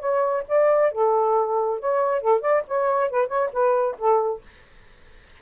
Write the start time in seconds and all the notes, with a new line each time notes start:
0.00 C#5
0.49 D5
0.92 A4
1.80 C#5
2.21 A4
2.41 D5
2.68 C#5
3.11 B4
3.28 C#5
3.53 B4
3.98 A4